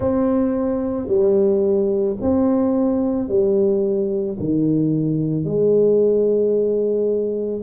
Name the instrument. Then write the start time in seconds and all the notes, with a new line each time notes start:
tuba
0.00 C4
1.07 G3
2.21 C4
3.28 G3
4.39 D#3
5.44 G#3